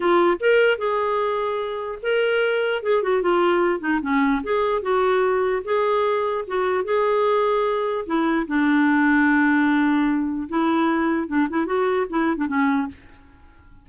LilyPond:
\new Staff \with { instrumentName = "clarinet" } { \time 4/4 \tempo 4 = 149 f'4 ais'4 gis'2~ | gis'4 ais'2 gis'8 fis'8 | f'4. dis'8 cis'4 gis'4 | fis'2 gis'2 |
fis'4 gis'2. | e'4 d'2.~ | d'2 e'2 | d'8 e'8 fis'4 e'8. d'16 cis'4 | }